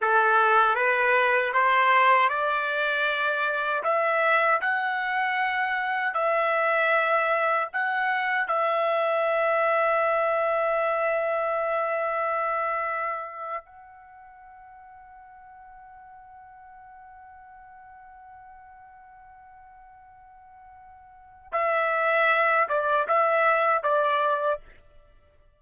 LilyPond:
\new Staff \with { instrumentName = "trumpet" } { \time 4/4 \tempo 4 = 78 a'4 b'4 c''4 d''4~ | d''4 e''4 fis''2 | e''2 fis''4 e''4~ | e''1~ |
e''4.~ e''16 fis''2~ fis''16~ | fis''1~ | fis''1 | e''4. d''8 e''4 d''4 | }